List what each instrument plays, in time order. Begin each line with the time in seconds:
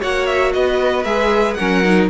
0.00 cello A#3, viola F#4, violin C#5 F#5
0.26 violin E5
0.53 cello B3, violin B4 D#5
1.04 cello G#3, viola G#4, violin E5
1.54 viola C#4, violin A#4 F#5
1.60 cello F#3
1.84 viola D#4